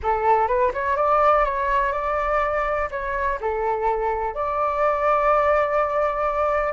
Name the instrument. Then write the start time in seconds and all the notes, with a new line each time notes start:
flute
0.02 A4
0.47 B4
0.73 C#5
0.96 D5
1.44 C#5
1.92 D5
2.90 C#5
3.40 A4
4.34 D5